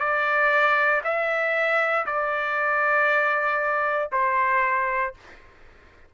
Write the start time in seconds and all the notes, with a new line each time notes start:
0.00 D5
1.04 E5
2.06 D5
4.12 C5